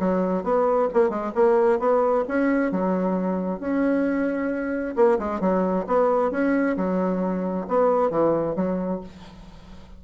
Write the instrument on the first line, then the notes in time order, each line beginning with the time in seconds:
bassoon
0.00 F#3
0.44 B3
0.94 A#3
1.10 G#3
1.35 A#3
1.79 B3
2.28 C#4
2.72 F#3
3.60 C#4
4.96 A#3
5.19 G#3
5.41 F#3
5.87 B3
6.32 C#4
6.77 F#3
7.68 B3
8.11 E3
8.56 F#3